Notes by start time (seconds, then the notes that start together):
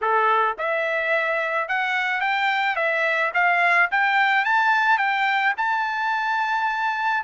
0.01 A4
0.58 E5
1.68 F#5
2.20 G5
2.76 E5
3.34 F5
3.91 G5
4.44 A5
4.97 G5
5.57 A5